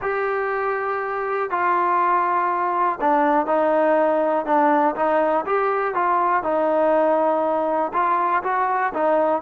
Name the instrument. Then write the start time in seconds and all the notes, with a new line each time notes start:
trombone
0.01 G4
1.50 F4
3.00 D4
3.46 D#4
4.45 D4
4.95 D#4
5.46 G4
5.94 F4
6.43 D#4
7.93 F4
8.43 F#4
8.93 D#4